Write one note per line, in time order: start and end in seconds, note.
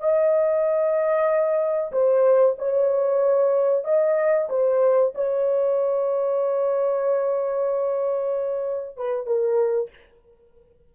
0.00 1.92 D#5
1.92 2.56 C5
2.59 3.84 C#5
3.84 4.48 D#5
4.49 5.13 C5
5.15 8.97 C#5
8.97 9.26 B4
9.26 9.90 A#4